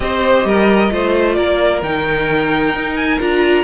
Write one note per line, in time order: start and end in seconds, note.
0.00 0.44 C4
0.00 0.90 G4
0.00 0.46 C5
0.00 1.34 D#5
0.44 0.90 G3
0.44 0.92 A#4
0.90 1.37 A3
0.90 1.81 F4
0.90 1.36 C5
1.34 1.81 A#3
1.34 3.63 A#4
1.34 1.80 D5
1.81 2.73 D#3
1.81 3.19 D#4
1.81 2.96 G5
2.73 3.19 D#4
2.96 3.19 G#5
3.19 3.63 D4
3.19 3.63 F4
3.19 3.63 A#5